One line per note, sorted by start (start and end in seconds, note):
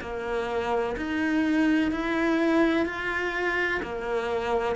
0.00 0.95 A#3
0.96 1.91 D#4
1.91 2.86 E4
2.86 3.81 F4
3.82 4.76 A#3